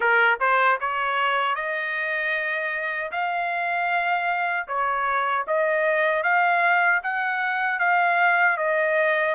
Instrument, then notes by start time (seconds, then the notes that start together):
trumpet
0.00 A#4
0.39 C5
0.80 C#5
1.55 D#5
3.11 F5
4.68 C#5
5.47 D#5
6.23 F5
7.03 F#5
7.79 F5
8.57 D#5